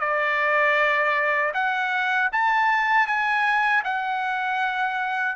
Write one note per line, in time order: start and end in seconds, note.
0.00 1.52 D5
1.54 2.30 F#5
2.32 3.07 A5
3.07 3.83 G#5
3.85 5.36 F#5